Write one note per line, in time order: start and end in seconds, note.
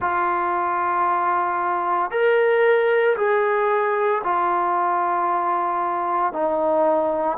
0.00 2.11 F4
2.11 3.16 A#4
3.16 4.22 G#4
4.23 6.33 F4
6.33 7.38 D#4